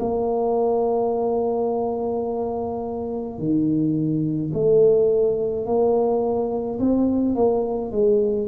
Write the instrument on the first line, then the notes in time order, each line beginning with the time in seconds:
tuba
0.00 A#3
3.39 D#3
4.53 A3
5.66 A#3
6.79 C4
7.35 A#3
7.92 G#3